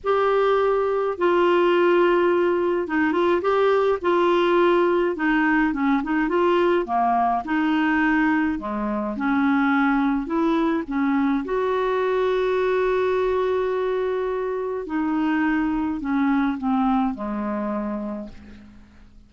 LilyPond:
\new Staff \with { instrumentName = "clarinet" } { \time 4/4 \tempo 4 = 105 g'2 f'2~ | f'4 dis'8 f'8 g'4 f'4~ | f'4 dis'4 cis'8 dis'8 f'4 | ais4 dis'2 gis4 |
cis'2 e'4 cis'4 | fis'1~ | fis'2 dis'2 | cis'4 c'4 gis2 | }